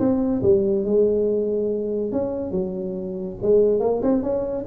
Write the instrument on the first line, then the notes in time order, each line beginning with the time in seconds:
tuba
0.00 C4
0.43 G3
0.85 G#3
2.12 C#4
2.52 F#3
3.42 G#3
3.80 A#3
4.03 C4
4.23 C#4